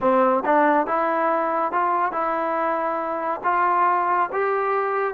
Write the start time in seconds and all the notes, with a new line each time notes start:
0.00 C4
0.45 D4
0.86 E4
1.72 F4
2.12 E4
3.43 F4
4.32 G4